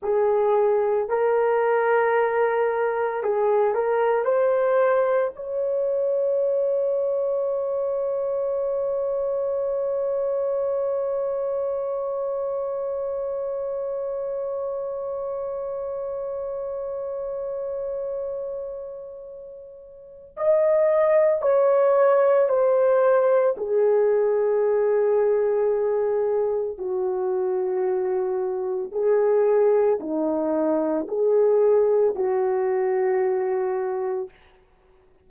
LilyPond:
\new Staff \with { instrumentName = "horn" } { \time 4/4 \tempo 4 = 56 gis'4 ais'2 gis'8 ais'8 | c''4 cis''2.~ | cis''1~ | cis''1~ |
cis''2. dis''4 | cis''4 c''4 gis'2~ | gis'4 fis'2 gis'4 | dis'4 gis'4 fis'2 | }